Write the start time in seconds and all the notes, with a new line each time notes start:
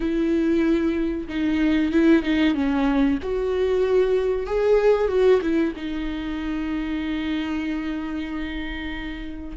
0.00 E4
1.28 D#4
1.91 E4
2.23 D#4
2.54 C#4
3.22 F#4
4.46 G#4
5.08 F#4
5.41 E4
5.76 D#4